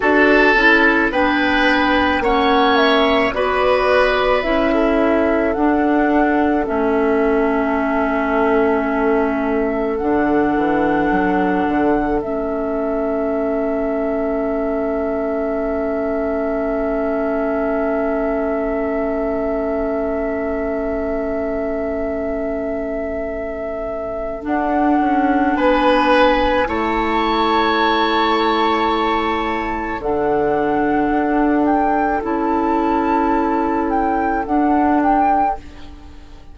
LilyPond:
<<
  \new Staff \with { instrumentName = "flute" } { \time 4/4 \tempo 4 = 54 a''4 g''4 fis''8 e''8 d''4 | e''4 fis''4 e''2~ | e''4 fis''2 e''4~ | e''1~ |
e''1~ | e''2 fis''4 gis''4 | a''2. fis''4~ | fis''8 g''8 a''4. g''8 fis''8 g''8 | }
  \new Staff \with { instrumentName = "oboe" } { \time 4/4 a'4 b'4 cis''4 b'4~ | b'16 a'2.~ a'8.~ | a'1~ | a'1~ |
a'1~ | a'2. b'4 | cis''2. a'4~ | a'1 | }
  \new Staff \with { instrumentName = "clarinet" } { \time 4/4 fis'8 e'8 d'4 cis'4 fis'4 | e'4 d'4 cis'2~ | cis'4 d'2 cis'4~ | cis'1~ |
cis'1~ | cis'2 d'2 | e'2. d'4~ | d'4 e'2 d'4 | }
  \new Staff \with { instrumentName = "bassoon" } { \time 4/4 d'8 cis'8 b4 ais4 b4 | cis'4 d'4 a2~ | a4 d8 e8 fis8 d8 a4~ | a1~ |
a1~ | a2 d'8 cis'8 b4 | a2. d4 | d'4 cis'2 d'4 | }
>>